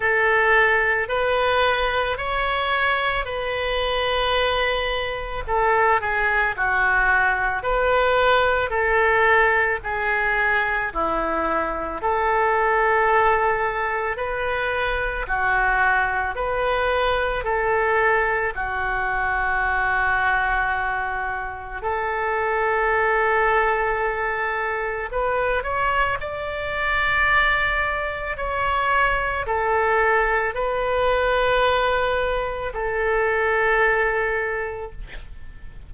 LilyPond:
\new Staff \with { instrumentName = "oboe" } { \time 4/4 \tempo 4 = 55 a'4 b'4 cis''4 b'4~ | b'4 a'8 gis'8 fis'4 b'4 | a'4 gis'4 e'4 a'4~ | a'4 b'4 fis'4 b'4 |
a'4 fis'2. | a'2. b'8 cis''8 | d''2 cis''4 a'4 | b'2 a'2 | }